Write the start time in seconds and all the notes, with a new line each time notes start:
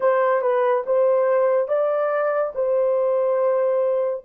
0.00 C5
0.41 B4
0.86 C5
1.68 D5
2.54 C5